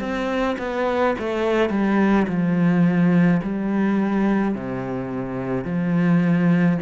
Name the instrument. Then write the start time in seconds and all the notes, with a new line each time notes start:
cello
0.00 C4
0.58 B3
1.18 A3
1.70 G3
2.27 F3
3.43 G3
4.54 C3
5.64 F3